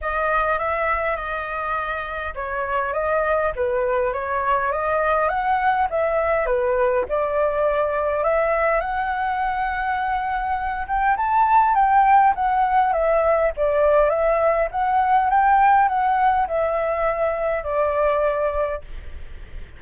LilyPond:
\new Staff \with { instrumentName = "flute" } { \time 4/4 \tempo 4 = 102 dis''4 e''4 dis''2 | cis''4 dis''4 b'4 cis''4 | dis''4 fis''4 e''4 b'4 | d''2 e''4 fis''4~ |
fis''2~ fis''8 g''8 a''4 | g''4 fis''4 e''4 d''4 | e''4 fis''4 g''4 fis''4 | e''2 d''2 | }